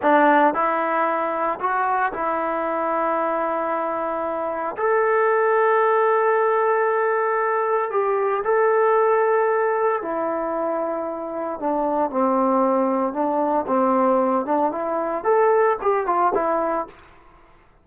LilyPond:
\new Staff \with { instrumentName = "trombone" } { \time 4/4 \tempo 4 = 114 d'4 e'2 fis'4 | e'1~ | e'4 a'2.~ | a'2. g'4 |
a'2. e'4~ | e'2 d'4 c'4~ | c'4 d'4 c'4. d'8 | e'4 a'4 g'8 f'8 e'4 | }